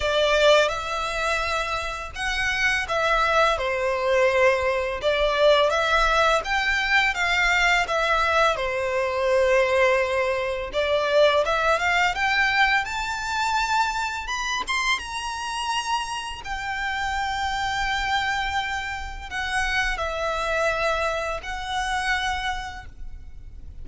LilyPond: \new Staff \with { instrumentName = "violin" } { \time 4/4 \tempo 4 = 84 d''4 e''2 fis''4 | e''4 c''2 d''4 | e''4 g''4 f''4 e''4 | c''2. d''4 |
e''8 f''8 g''4 a''2 | b''8 c'''8 ais''2 g''4~ | g''2. fis''4 | e''2 fis''2 | }